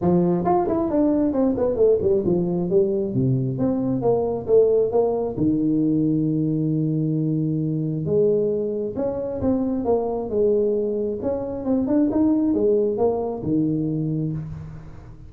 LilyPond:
\new Staff \with { instrumentName = "tuba" } { \time 4/4 \tempo 4 = 134 f4 f'8 e'8 d'4 c'8 b8 | a8 g8 f4 g4 c4 | c'4 ais4 a4 ais4 | dis1~ |
dis2 gis2 | cis'4 c'4 ais4 gis4~ | gis4 cis'4 c'8 d'8 dis'4 | gis4 ais4 dis2 | }